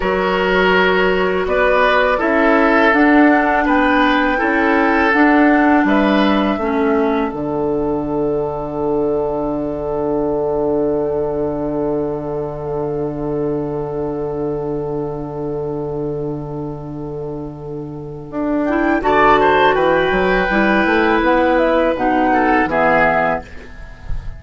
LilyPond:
<<
  \new Staff \with { instrumentName = "flute" } { \time 4/4 \tempo 4 = 82 cis''2 d''4 e''4 | fis''4 g''2 fis''4 | e''2 fis''2~ | fis''1~ |
fis''1~ | fis''1~ | fis''4. g''8 a''4 g''4~ | g''4 fis''8 e''8 fis''4 e''4 | }
  \new Staff \with { instrumentName = "oboe" } { \time 4/4 ais'2 b'4 a'4~ | a'4 b'4 a'2 | b'4 a'2.~ | a'1~ |
a'1~ | a'1~ | a'2 d''8 c''8 b'4~ | b'2~ b'8 a'8 gis'4 | }
  \new Staff \with { instrumentName = "clarinet" } { \time 4/4 fis'2. e'4 | d'2 e'4 d'4~ | d'4 cis'4 d'2~ | d'1~ |
d'1~ | d'1~ | d'4. e'8 fis'2 | e'2 dis'4 b4 | }
  \new Staff \with { instrumentName = "bassoon" } { \time 4/4 fis2 b4 cis'4 | d'4 b4 cis'4 d'4 | g4 a4 d2~ | d1~ |
d1~ | d1~ | d4 d'4 d4 e8 fis8 | g8 a8 b4 b,4 e4 | }
>>